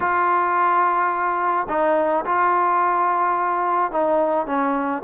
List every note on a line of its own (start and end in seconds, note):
0.00 1.67 F4
1.68 2.24 D#4
2.25 3.91 F4
3.91 4.46 D#4
4.46 5.02 C#4